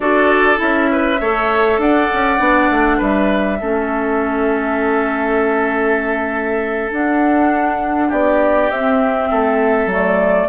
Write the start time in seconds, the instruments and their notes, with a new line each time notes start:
0.00 bassoon D4, clarinet F#4, oboe A4, flute D5
0.56 bassoon C#4, clarinet E4, flute E5
0.91 oboe B4
1.20 bassoon A3, clarinet A4, oboe C#5
1.78 bassoon D4, oboe D5, flute F#5
2.13 bassoon C#4
2.38 bassoon B3, clarinet D4
2.70 bassoon A3
2.97 bassoon G3, oboe B4, flute E5
3.60 bassoon A3, clarinet C#4, oboe A4
6.91 clarinet D4, bassoon D4, flute F#5
8.08 bassoon B3, oboe G4, flute D5
8.70 bassoon C4, clarinet C4, flute E5
9.30 bassoon A3, oboe A4
9.86 bassoon F#3, clarinet A3
9.94 flute D5